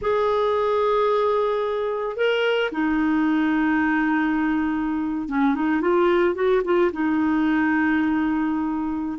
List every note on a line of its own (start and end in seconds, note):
0.01 2.16 G#4
2.16 2.70 A#4
2.71 5.28 D#4
5.28 5.55 C#4
5.55 5.81 D#4
5.81 6.34 F4
6.34 6.61 F#4
6.64 6.91 F4
6.92 9.18 D#4